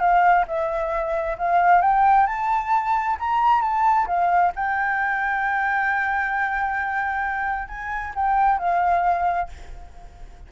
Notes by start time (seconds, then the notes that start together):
0.00 F5
0.48 E5
1.38 F5
1.82 G5
2.27 A5
3.19 A#5
3.62 A5
4.07 F5
4.56 G5
7.69 G#5
8.15 G5
8.59 F5